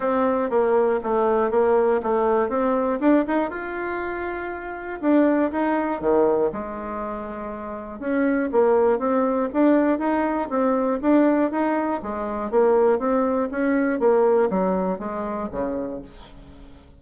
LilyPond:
\new Staff \with { instrumentName = "bassoon" } { \time 4/4 \tempo 4 = 120 c'4 ais4 a4 ais4 | a4 c'4 d'8 dis'8 f'4~ | f'2 d'4 dis'4 | dis4 gis2. |
cis'4 ais4 c'4 d'4 | dis'4 c'4 d'4 dis'4 | gis4 ais4 c'4 cis'4 | ais4 fis4 gis4 cis4 | }